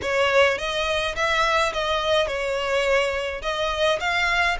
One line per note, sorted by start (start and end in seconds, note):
0.02 0.57 C#5
0.57 1.15 D#5
1.15 1.72 E5
1.73 2.27 D#5
2.27 3.41 C#5
3.42 3.99 D#5
4.00 4.57 F5